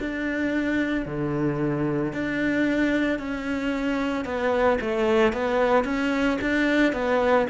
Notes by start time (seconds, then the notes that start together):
0.00 D4
1.06 D3
2.13 D4
3.19 C#4
4.25 B3
4.81 A3
5.33 B3
5.84 C#4
6.41 D4
6.93 B3